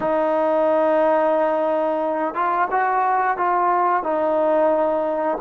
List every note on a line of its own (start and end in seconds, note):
0.00 2.34 D#4
2.34 2.68 F4
2.70 3.37 F#4
3.37 4.03 F4
4.03 5.37 D#4